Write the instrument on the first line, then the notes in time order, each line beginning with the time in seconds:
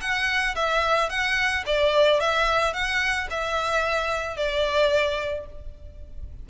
violin
0.00 F#5
0.55 E5
1.09 F#5
1.66 D5
2.20 E5
2.73 F#5
3.30 E5
4.36 D5